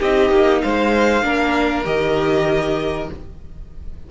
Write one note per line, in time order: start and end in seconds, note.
0.00 0.31 C4
0.00 1.22 D#4
0.00 0.62 G4
0.00 0.61 D#5
0.31 0.62 A#3
0.61 1.22 G#3
0.61 1.24 C5
0.61 1.85 F5
1.22 1.84 A#3
1.22 1.84 D4
1.22 3.11 A#4
1.84 3.09 D#3
1.84 3.08 G4
1.84 3.09 D#5